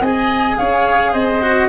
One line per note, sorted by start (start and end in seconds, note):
0.00 0.57 C4
0.00 1.41 G#4
0.00 0.56 D#5
0.00 0.57 G#5
0.57 1.13 C#4
0.57 1.12 C#5
0.57 1.13 F5
1.12 1.68 C4
1.12 1.68 C5
1.12 1.68 D#5
1.41 1.68 F#4